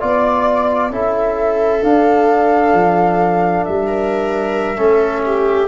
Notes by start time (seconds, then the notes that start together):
0.00 B3 F4 D5
0.90 C#4 E4 A4 E5
1.82 D4 F5
2.73 F3
3.64 G3 E5
3.87 A#4
4.76 A3 C#4 A4
5.25 G4